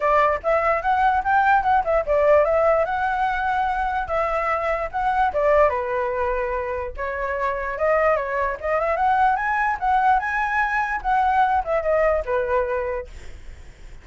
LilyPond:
\new Staff \with { instrumentName = "flute" } { \time 4/4 \tempo 4 = 147 d''4 e''4 fis''4 g''4 | fis''8 e''8 d''4 e''4 fis''4~ | fis''2 e''2 | fis''4 d''4 b'2~ |
b'4 cis''2 dis''4 | cis''4 dis''8 e''8 fis''4 gis''4 | fis''4 gis''2 fis''4~ | fis''8 e''8 dis''4 b'2 | }